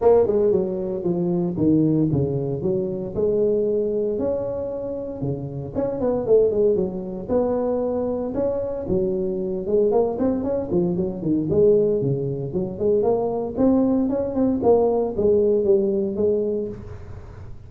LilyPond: \new Staff \with { instrumentName = "tuba" } { \time 4/4 \tempo 4 = 115 ais8 gis8 fis4 f4 dis4 | cis4 fis4 gis2 | cis'2 cis4 cis'8 b8 | a8 gis8 fis4 b2 |
cis'4 fis4. gis8 ais8 c'8 | cis'8 f8 fis8 dis8 gis4 cis4 | fis8 gis8 ais4 c'4 cis'8 c'8 | ais4 gis4 g4 gis4 | }